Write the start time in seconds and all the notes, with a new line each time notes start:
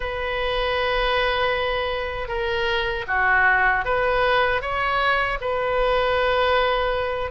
0.00 B4
2.27 A#4
3.07 F#4
3.84 B4
4.61 C#5
5.41 B4